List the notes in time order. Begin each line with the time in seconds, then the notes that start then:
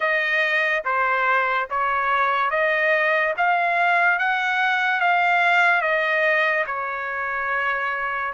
0.00 D#5
0.84 C5
1.69 C#5
2.50 D#5
3.37 F5
4.19 F#5
5.00 F5
5.81 D#5
6.66 C#5